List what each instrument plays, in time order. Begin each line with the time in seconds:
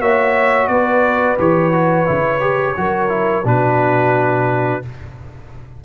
0.00 tuba A#3, trombone F#4, horn C#5, trumpet E5
0.67 tuba B3, horn B4, trumpet D5
1.38 tuba E3, trombone G4, trumpet C#5
1.72 trombone F#4
2.06 tuba C#3, trombone E4
2.40 trombone G4
2.76 tuba F#3, trombone F#4, horn A#4
3.08 trombone E4
3.44 tuba B2, trombone D4, horn F#4, trumpet B4